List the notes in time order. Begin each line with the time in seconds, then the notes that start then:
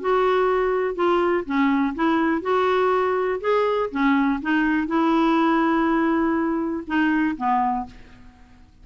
0.00 F#4
0.95 F4
1.45 C#4
1.95 E4
2.42 F#4
3.40 G#4
3.91 C#4
4.42 D#4
4.87 E4
6.87 D#4
7.37 B3